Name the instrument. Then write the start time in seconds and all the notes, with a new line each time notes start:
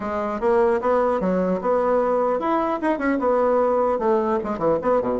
bassoon
0.00 G#3
0.40 A#3
0.81 B3
1.20 F#3
1.61 B3
2.39 E4
2.81 D#4
2.98 C#4
3.19 B3
3.98 A3
4.43 G#3
4.58 E3
4.81 B3
5.01 B2